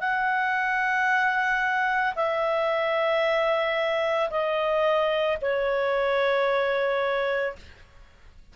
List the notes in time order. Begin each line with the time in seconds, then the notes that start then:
0.00 F#5
2.16 E5
4.31 D#5
5.42 C#5